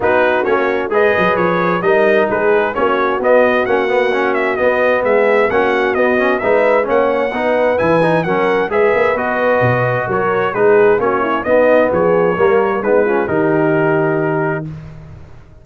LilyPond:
<<
  \new Staff \with { instrumentName = "trumpet" } { \time 4/4 \tempo 4 = 131 b'4 cis''4 dis''4 cis''4 | dis''4 b'4 cis''4 dis''4 | fis''4. e''8 dis''4 e''4 | fis''4 dis''4 e''4 fis''4~ |
fis''4 gis''4 fis''4 e''4 | dis''2 cis''4 b'4 | cis''4 dis''4 cis''2 | b'4 ais'2. | }
  \new Staff \with { instrumentName = "horn" } { \time 4/4 fis'2 b'2 | ais'4 gis'4 fis'2~ | fis'2. gis'4 | fis'2 b'4 cis''4 |
b'2 ais'4 b'4~ | b'2 ais'4 gis'4 | fis'8 e'8 dis'4 gis'4 ais'4 | dis'8 f'8 g'2. | }
  \new Staff \with { instrumentName = "trombone" } { \time 4/4 dis'4 cis'4 gis'2 | dis'2 cis'4 b4 | cis'8 b8 cis'4 b2 | cis'4 b8 cis'8 dis'4 cis'4 |
dis'4 e'8 dis'8 cis'4 gis'4 | fis'2. dis'4 | cis'4 b2 ais4 | b8 cis'8 dis'2. | }
  \new Staff \with { instrumentName = "tuba" } { \time 4/4 b4 ais4 gis8 fis8 f4 | g4 gis4 ais4 b4 | ais2 b4 gis4 | ais4 b4 gis4 ais4 |
b4 e4 fis4 gis8 ais8 | b4 b,4 fis4 gis4 | ais4 b4 f4 g4 | gis4 dis2. | }
>>